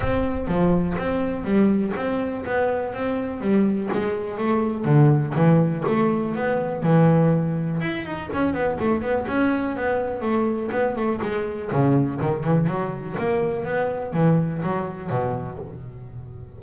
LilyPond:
\new Staff \with { instrumentName = "double bass" } { \time 4/4 \tempo 4 = 123 c'4 f4 c'4 g4 | c'4 b4 c'4 g4 | gis4 a4 d4 e4 | a4 b4 e2 |
e'8 dis'8 cis'8 b8 a8 b8 cis'4 | b4 a4 b8 a8 gis4 | cis4 dis8 e8 fis4 ais4 | b4 e4 fis4 b,4 | }